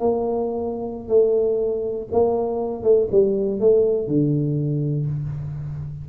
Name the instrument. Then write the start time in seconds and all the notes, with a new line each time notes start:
tuba
0.00 A#3
1.09 A3
2.12 A#3
2.84 A3
3.12 G3
3.60 A3
4.08 D3